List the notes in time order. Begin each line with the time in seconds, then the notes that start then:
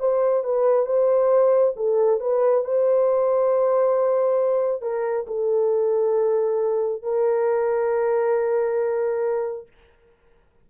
0.00 C5
0.44 B4
0.86 C5
1.76 A4
2.20 B4
2.64 C5
4.82 A#4
5.27 A4
7.03 A#4